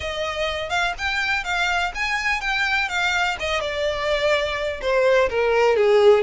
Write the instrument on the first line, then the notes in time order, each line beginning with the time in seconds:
violin
0.00 D#5
0.69 F5
0.98 G5
1.44 F5
1.94 G#5
2.40 G5
2.88 F5
3.39 D#5
3.60 D5
4.81 C5
5.29 A#4
5.76 G#4